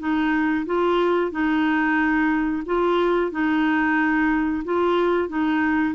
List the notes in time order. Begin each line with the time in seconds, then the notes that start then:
0.00 D#4
0.66 F4
1.32 D#4
2.66 F4
3.32 D#4
4.65 F4
5.29 D#4